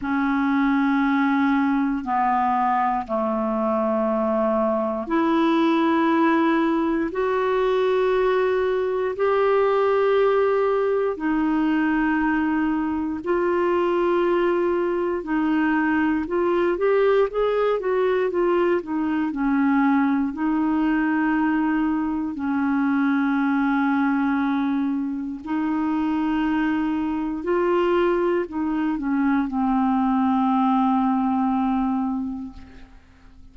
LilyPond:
\new Staff \with { instrumentName = "clarinet" } { \time 4/4 \tempo 4 = 59 cis'2 b4 a4~ | a4 e'2 fis'4~ | fis'4 g'2 dis'4~ | dis'4 f'2 dis'4 |
f'8 g'8 gis'8 fis'8 f'8 dis'8 cis'4 | dis'2 cis'2~ | cis'4 dis'2 f'4 | dis'8 cis'8 c'2. | }